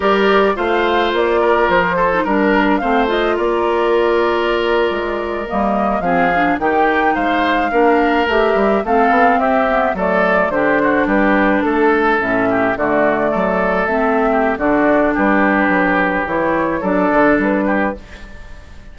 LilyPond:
<<
  \new Staff \with { instrumentName = "flute" } { \time 4/4 \tempo 4 = 107 d''4 f''4 d''4 c''4 | ais'4 f''8 dis''8 d''2~ | d''4.~ d''16 dis''4 f''4 g''16~ | g''8. f''2 e''4 f''16~ |
f''8. e''4 d''4 c''4 b'16~ | b'8. a'4 e''4 d''4~ d''16~ | d''8. e''4~ e''16 d''4 b'4~ | b'4 cis''4 d''4 b'4 | }
  \new Staff \with { instrumentName = "oboe" } { \time 4/4 ais'4 c''4. ais'4 a'8 | ais'4 c''4 ais'2~ | ais'2~ ais'8. gis'4 g'16~ | g'8. c''4 ais'2 a'16~ |
a'8. g'4 a'4 g'8 fis'8 g'16~ | g'8. a'4. g'8 fis'4 a'16~ | a'4. g'8 fis'4 g'4~ | g'2 a'4. g'8 | }
  \new Staff \with { instrumentName = "clarinet" } { \time 4/4 g'4 f'2~ f'8. dis'16 | d'4 c'8 f'2~ f'8~ | f'4.~ f'16 ais4 c'8 d'8 dis'16~ | dis'4.~ dis'16 d'4 g'4 c'16~ |
c'4~ c'16 b8 a4 d'4~ d'16~ | d'4.~ d'16 cis'4 a4~ a16~ | a8. c'4~ c'16 d'2~ | d'4 e'4 d'2 | }
  \new Staff \with { instrumentName = "bassoon" } { \time 4/4 g4 a4 ais4 f4 | g4 a4 ais2~ | ais8. gis4 g4 f4 dis16~ | dis8. gis4 ais4 a8 g8 a16~ |
a16 b8 c'4 fis4 d4 g16~ | g8. a4 a,4 d4 fis16~ | fis8. a4~ a16 d4 g4 | fis4 e4 fis8 d8 g4 | }
>>